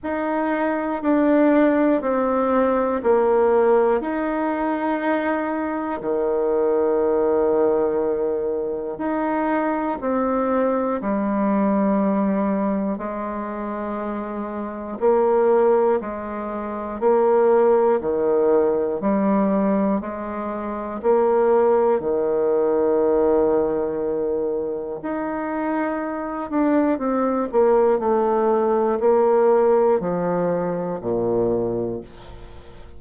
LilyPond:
\new Staff \with { instrumentName = "bassoon" } { \time 4/4 \tempo 4 = 60 dis'4 d'4 c'4 ais4 | dis'2 dis2~ | dis4 dis'4 c'4 g4~ | g4 gis2 ais4 |
gis4 ais4 dis4 g4 | gis4 ais4 dis2~ | dis4 dis'4. d'8 c'8 ais8 | a4 ais4 f4 ais,4 | }